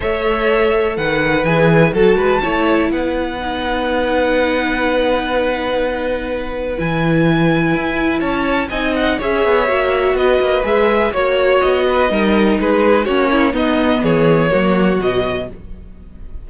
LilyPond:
<<
  \new Staff \with { instrumentName = "violin" } { \time 4/4 \tempo 4 = 124 e''2 fis''4 gis''4 | a''2 fis''2~ | fis''1~ | fis''2 gis''2~ |
gis''4 a''4 gis''8 fis''8 e''4~ | e''4 dis''4 e''4 cis''4 | dis''2 b'4 cis''4 | dis''4 cis''2 dis''4 | }
  \new Staff \with { instrumentName = "violin" } { \time 4/4 cis''2 b'2 | a'8 b'8 cis''4 b'2~ | b'1~ | b'1~ |
b'4 cis''4 dis''4 cis''4~ | cis''4 b'2 cis''4~ | cis''8 b'8 ais'4 gis'4 fis'8 e'8 | dis'4 gis'4 fis'2 | }
  \new Staff \with { instrumentName = "viola" } { \time 4/4 a'2. gis'4 | fis'4 e'2 dis'4~ | dis'1~ | dis'2 e'2~ |
e'2 dis'4 gis'4 | fis'2 gis'4 fis'4~ | fis'4 dis'2 cis'4 | b2 ais4 fis4 | }
  \new Staff \with { instrumentName = "cello" } { \time 4/4 a2 dis4 e4 | fis8 gis8 a4 b2~ | b1~ | b2 e2 |
e'4 cis'4 c'4 cis'8 b8 | ais4 b8 ais8 gis4 ais4 | b4 g4 gis4 ais4 | b4 e4 fis4 b,4 | }
>>